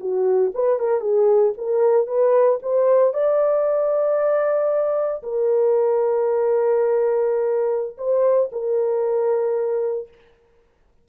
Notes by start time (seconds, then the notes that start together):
0.00 F#4
0.55 B4
0.79 A#4
1.01 G#4
1.58 A#4
2.07 B4
2.63 C5
3.14 D5
5.23 A#4
7.98 C5
8.52 A#4